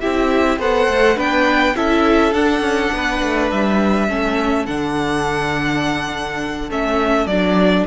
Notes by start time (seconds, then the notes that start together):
0.00 C4 E4 G4 E5
0.58 B3 A4 C5 F#5
0.87 A3
1.16 B3 D4 B4 G5
1.75 C#4 E4 A4 E5
2.33 D4 F#5
2.60 C#4
2.92 B3 B4
3.22 A3
3.51 G3 E5
4.08 A3 C#4 A4
4.66 D3 D4 F#5
6.70 A3 C#4 E5
7.26 F#3 D4 D5